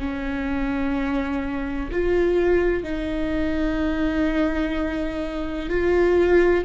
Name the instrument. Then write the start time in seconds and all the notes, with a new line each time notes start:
viola
0.00 C#4
1.92 F4
2.84 D#4
5.70 F4